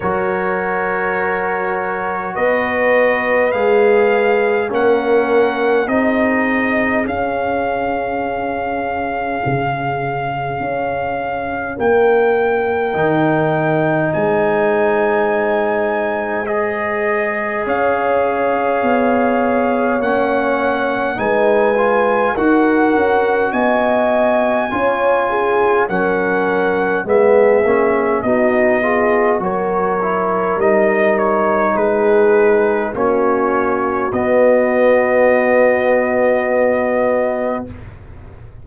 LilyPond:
<<
  \new Staff \with { instrumentName = "trumpet" } { \time 4/4 \tempo 4 = 51 cis''2 dis''4 f''4 | fis''4 dis''4 f''2~ | f''2 g''2 | gis''2 dis''4 f''4~ |
f''4 fis''4 gis''4 fis''4 | gis''2 fis''4 e''4 | dis''4 cis''4 dis''8 cis''8 b'4 | cis''4 dis''2. | }
  \new Staff \with { instrumentName = "horn" } { \time 4/4 ais'2 b'2 | ais'4 gis'2.~ | gis'2 ais'2 | c''2. cis''4~ |
cis''2 b'4 ais'4 | dis''4 cis''8 gis'8 ais'4 gis'4 | fis'8 gis'8 ais'2 gis'4 | fis'1 | }
  \new Staff \with { instrumentName = "trombone" } { \time 4/4 fis'2. gis'4 | cis'4 dis'4 cis'2~ | cis'2. dis'4~ | dis'2 gis'2~ |
gis'4 cis'4 dis'8 f'8 fis'4~ | fis'4 f'4 cis'4 b8 cis'8 | dis'8 f'8 fis'8 e'8 dis'2 | cis'4 b2. | }
  \new Staff \with { instrumentName = "tuba" } { \time 4/4 fis2 b4 gis4 | ais4 c'4 cis'2 | cis4 cis'4 ais4 dis4 | gis2. cis'4 |
b4 ais4 gis4 dis'8 cis'8 | b4 cis'4 fis4 gis8 ais8 | b4 fis4 g4 gis4 | ais4 b2. | }
>>